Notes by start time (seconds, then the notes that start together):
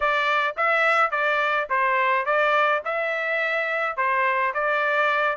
0.00 D5
0.56 E5
1.10 D5
1.69 C5
2.25 D5
2.85 E5
3.96 C5
4.54 D5